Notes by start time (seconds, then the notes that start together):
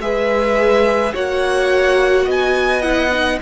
0.00 G#3 G#4 B4 E5
1.13 A#3 F#4 C#5 F#5
2.25 B3 D#5 G#5
2.82 E4 F#5
3.11 D#4